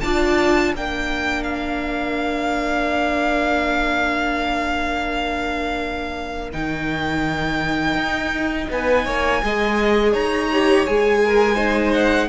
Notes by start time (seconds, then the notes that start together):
0.00 D4 F4 D5 A5
0.71 A#3 D4 A#4 G5
1.43 F5
6.52 D#3 D#4 G5
7.95 D#4
8.70 B3 B4 G#5
9.05 A#3 C#5
9.42 G#3 G#4 D#5
10.12 D#4 C#5 A#5
10.52 G4
10.86 G#3 G#4 G#5
11.24 A#4
11.55 D#4 C5
11.92 F#5